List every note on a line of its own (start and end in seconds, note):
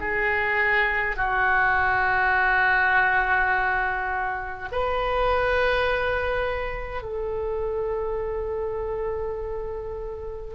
0.00 1.17 G#4
1.17 4.70 F#4
4.72 7.03 B4
7.03 10.55 A4